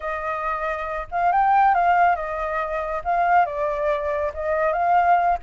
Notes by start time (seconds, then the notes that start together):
0.00 D#5
1.11 F5
1.32 G5
1.74 F5
2.15 D#5
3.04 F5
3.45 D5
4.33 D#5
4.73 F5